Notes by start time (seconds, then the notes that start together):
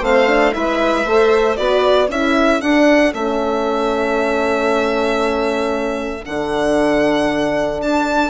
0.00 A3 C4 C5 F5
0.27 D4
0.52 G#3 E4 B4 E5
1.04 A3 A4 C5
1.56 B3 F#4 B4 D5
2.08 C#4 E4 A4 E5
2.60 D4 F#5
3.12 A3 C#4 E5
6.25 D3 D4 F#5
7.81 D4 A5